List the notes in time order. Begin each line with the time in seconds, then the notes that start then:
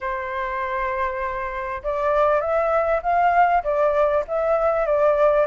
0.00 C5
1.83 D5
2.40 E5
3.02 F5
3.63 D5
4.27 E5
4.86 D5